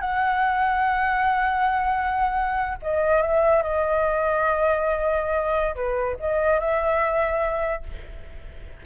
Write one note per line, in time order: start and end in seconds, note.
0.00 2.77 F#5
2.82 3.21 D#5
3.21 3.62 E5
3.62 5.75 D#5
5.75 6.16 B4
6.19 6.60 D#5
6.60 7.83 E5